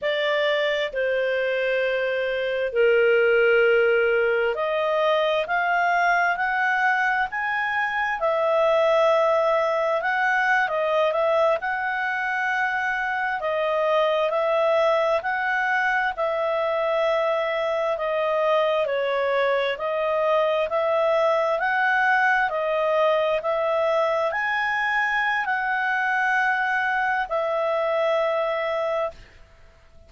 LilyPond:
\new Staff \with { instrumentName = "clarinet" } { \time 4/4 \tempo 4 = 66 d''4 c''2 ais'4~ | ais'4 dis''4 f''4 fis''4 | gis''4 e''2 fis''8. dis''16~ | dis''16 e''8 fis''2 dis''4 e''16~ |
e''8. fis''4 e''2 dis''16~ | dis''8. cis''4 dis''4 e''4 fis''16~ | fis''8. dis''4 e''4 gis''4~ gis''16 | fis''2 e''2 | }